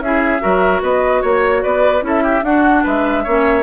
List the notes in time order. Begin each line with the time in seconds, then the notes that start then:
0.00 C#4 E4 G#4 E5
0.40 F#3 F#4 A#4
0.82 B3 B4 D#5
1.22 A#3 C#5
1.64 B3 B4 D5
2.01 C#4 E4 A4
2.08 E5
2.24 G4
2.43 D4 F#4 F#5
2.84 G#3 B4 E5
3.24 A#3 C#4 C#5